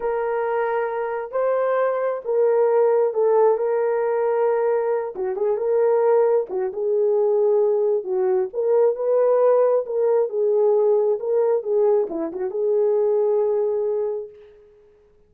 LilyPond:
\new Staff \with { instrumentName = "horn" } { \time 4/4 \tempo 4 = 134 ais'2. c''4~ | c''4 ais'2 a'4 | ais'2.~ ais'8 fis'8 | gis'8 ais'2 fis'8 gis'4~ |
gis'2 fis'4 ais'4 | b'2 ais'4 gis'4~ | gis'4 ais'4 gis'4 e'8 fis'8 | gis'1 | }